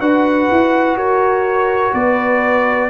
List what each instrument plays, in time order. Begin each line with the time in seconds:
0.00 tuba D4, trombone F#4, horn B4, trumpet F#5
0.51 tuba E4
0.95 tuba F#4, horn A#4, trumpet C#5
1.93 tuba B3, horn B4, trumpet D5